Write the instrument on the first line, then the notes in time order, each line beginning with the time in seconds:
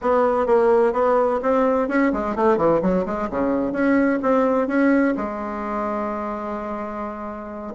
bassoon
0.01 B3
0.46 A#3
0.93 B3
1.42 C4
1.88 C#4
2.12 G#3
2.35 A3
2.57 E3
2.81 F#3
3.05 G#3
3.30 C#3
3.72 C#4
4.22 C4
4.67 C#4
5.16 G#3